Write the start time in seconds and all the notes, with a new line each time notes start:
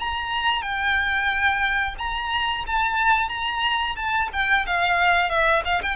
0.00 A#5
0.62 G5
1.99 A#5
2.67 A5
3.29 A#5
3.96 A5
4.33 G5
4.67 F5
5.30 E5
5.65 F5
5.83 G5